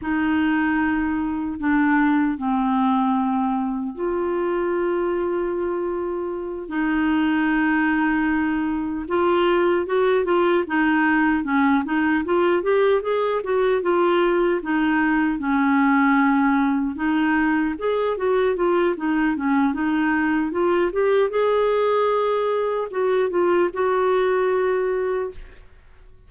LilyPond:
\new Staff \with { instrumentName = "clarinet" } { \time 4/4 \tempo 4 = 76 dis'2 d'4 c'4~ | c'4 f'2.~ | f'8 dis'2. f'8~ | f'8 fis'8 f'8 dis'4 cis'8 dis'8 f'8 |
g'8 gis'8 fis'8 f'4 dis'4 cis'8~ | cis'4. dis'4 gis'8 fis'8 f'8 | dis'8 cis'8 dis'4 f'8 g'8 gis'4~ | gis'4 fis'8 f'8 fis'2 | }